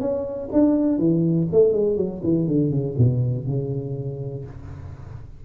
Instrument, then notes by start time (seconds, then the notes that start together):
tuba
0.00 C#4
0.53 D4
0.99 E3
1.52 A3
1.72 G#3
1.97 F#3
2.23 E3
2.47 D3
2.71 C#3
2.98 B2
3.47 C#3